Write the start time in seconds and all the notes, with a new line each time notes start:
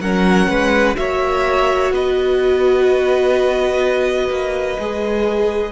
0.00 F#3 C#4 A#4 F#5
0.48 G#3 B4
0.95 A#3 F#4 C#5 E5
1.91 B3 B4 D#5
4.30 A#3
4.79 G#3 G#4